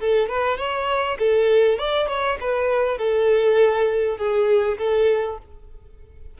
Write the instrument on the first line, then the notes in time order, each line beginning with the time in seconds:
violin
0.00 A4
0.29 B4
0.58 C#5
1.19 A4
1.78 D5
2.08 C#5
2.40 B4
2.98 A4
4.18 G#4
4.78 A4